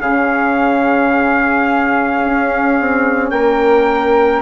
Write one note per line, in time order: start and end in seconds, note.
0.00 2.22 C#3
0.00 4.42 C#4
0.00 3.32 G#4
0.00 3.31 F5
2.24 2.80 C#4
2.80 3.31 C4
3.31 4.42 A#3
3.31 4.42 A#4
3.31 4.42 G5